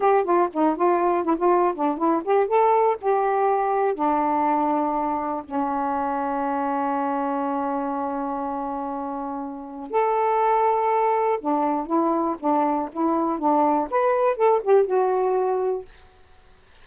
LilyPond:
\new Staff \with { instrumentName = "saxophone" } { \time 4/4 \tempo 4 = 121 g'8 f'8 dis'8 f'4 e'16 f'8. d'8 | e'8 g'8 a'4 g'2 | d'2. cis'4~ | cis'1~ |
cis'1 | a'2. d'4 | e'4 d'4 e'4 d'4 | b'4 a'8 g'8 fis'2 | }